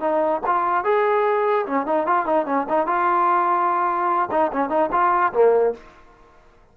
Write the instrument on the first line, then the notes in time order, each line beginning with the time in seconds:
trombone
0.00 D#4
0.46 F4
0.84 G#4
1.66 C#4
1.86 D#4
2.06 F4
2.25 D#4
2.45 C#4
2.69 D#4
2.86 F4
4.30 D#4
4.52 C#4
4.69 D#4
4.91 F4
5.32 A#3